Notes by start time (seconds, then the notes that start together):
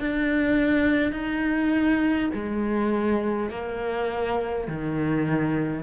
0.00 D4
1.12 D#4
2.34 G#3
3.50 A#3
4.68 D#3